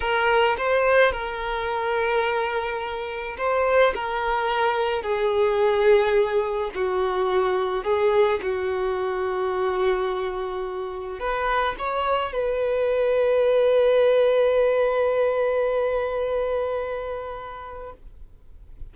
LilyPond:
\new Staff \with { instrumentName = "violin" } { \time 4/4 \tempo 4 = 107 ais'4 c''4 ais'2~ | ais'2 c''4 ais'4~ | ais'4 gis'2. | fis'2 gis'4 fis'4~ |
fis'1 | b'4 cis''4 b'2~ | b'1~ | b'1 | }